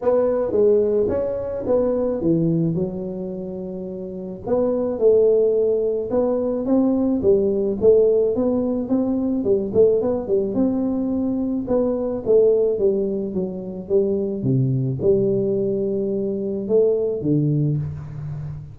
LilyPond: \new Staff \with { instrumentName = "tuba" } { \time 4/4 \tempo 4 = 108 b4 gis4 cis'4 b4 | e4 fis2. | b4 a2 b4 | c'4 g4 a4 b4 |
c'4 g8 a8 b8 g8 c'4~ | c'4 b4 a4 g4 | fis4 g4 c4 g4~ | g2 a4 d4 | }